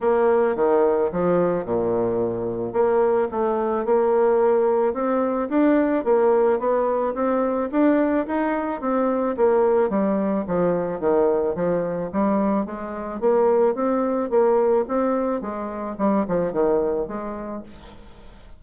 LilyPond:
\new Staff \with { instrumentName = "bassoon" } { \time 4/4 \tempo 4 = 109 ais4 dis4 f4 ais,4~ | ais,4 ais4 a4 ais4~ | ais4 c'4 d'4 ais4 | b4 c'4 d'4 dis'4 |
c'4 ais4 g4 f4 | dis4 f4 g4 gis4 | ais4 c'4 ais4 c'4 | gis4 g8 f8 dis4 gis4 | }